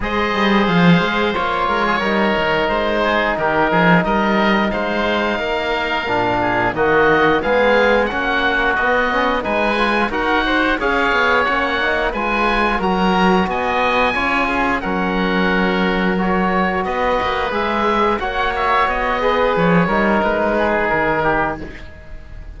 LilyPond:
<<
  \new Staff \with { instrumentName = "oboe" } { \time 4/4 \tempo 4 = 89 dis''4 f''4 cis''2 | c''4 ais'4 dis''4 f''4~ | f''2 dis''4 f''4 | fis''4 dis''4 gis''4 fis''4 |
f''4 fis''4 gis''4 ais''4 | gis''2 fis''2 | cis''4 dis''4 e''4 fis''8 e''8 | dis''4 cis''4 b'4 ais'4 | }
  \new Staff \with { instrumentName = "oboe" } { \time 4/4 c''2~ c''8 ais'16 gis'16 ais'4~ | ais'8 gis'8 g'8 gis'8 ais'4 c''4 | ais'4. gis'8 fis'4 gis'4 | fis'2 b'4 ais'8 c''8 |
cis''2 b'4 ais'4 | dis''4 cis''8 gis'8 ais'2~ | ais'4 b'2 cis''4~ | cis''8 b'4 ais'4 gis'4 g'8 | }
  \new Staff \with { instrumentName = "trombone" } { \time 4/4 gis'2 f'4 dis'4~ | dis'1~ | dis'4 d'4 ais4 b4 | cis'4 b8 cis'8 dis'8 f'8 fis'4 |
gis'4 cis'8 dis'8 f'4 fis'4~ | fis'4 f'4 cis'2 | fis'2 gis'4 fis'4~ | fis'8 gis'4 dis'2~ dis'8 | }
  \new Staff \with { instrumentName = "cello" } { \time 4/4 gis8 g8 f8 gis8 ais8 gis8 g8 dis8 | gis4 dis8 f8 g4 gis4 | ais4 ais,4 dis4 gis4 | ais4 b4 gis4 dis'4 |
cis'8 b8 ais4 gis4 fis4 | b4 cis'4 fis2~ | fis4 b8 ais8 gis4 ais4 | b4 f8 g8 gis4 dis4 | }
>>